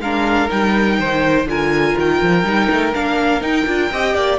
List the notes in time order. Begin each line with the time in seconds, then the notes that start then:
0.00 G#3 D4 A#4 F5
0.50 G3 D#4 G5
0.99 D#3 C5
1.46 D3 F4 A#4 G#5
1.98 D#3 G5
2.23 F3
2.44 G3 D#4
2.70 A3
2.94 A#3 D4 F5
3.42 D#4 G5
3.67 D4 F4
3.92 C4 G4 D#5
4.15 A#3 D5